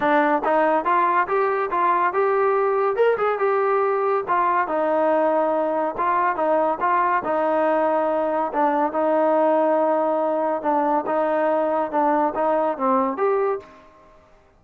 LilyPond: \new Staff \with { instrumentName = "trombone" } { \time 4/4 \tempo 4 = 141 d'4 dis'4 f'4 g'4 | f'4 g'2 ais'8 gis'8 | g'2 f'4 dis'4~ | dis'2 f'4 dis'4 |
f'4 dis'2. | d'4 dis'2.~ | dis'4 d'4 dis'2 | d'4 dis'4 c'4 g'4 | }